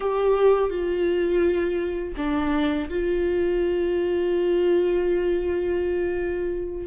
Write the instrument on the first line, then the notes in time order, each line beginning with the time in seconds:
viola
0.00 G4
0.69 F4
2.17 D4
2.89 F4